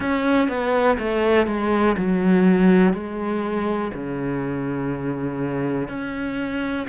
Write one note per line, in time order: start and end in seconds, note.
0.00 0.48 C#4
0.48 0.97 B3
0.98 1.46 A3
1.46 1.95 G#3
1.97 2.92 F#3
2.92 3.91 G#3
3.93 5.88 C#3
5.88 6.86 C#4